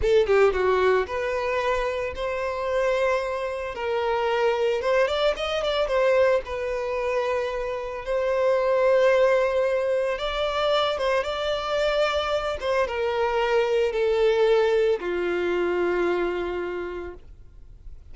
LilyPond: \new Staff \with { instrumentName = "violin" } { \time 4/4 \tempo 4 = 112 a'8 g'8 fis'4 b'2 | c''2. ais'4~ | ais'4 c''8 d''8 dis''8 d''8 c''4 | b'2. c''4~ |
c''2. d''4~ | d''8 c''8 d''2~ d''8 c''8 | ais'2 a'2 | f'1 | }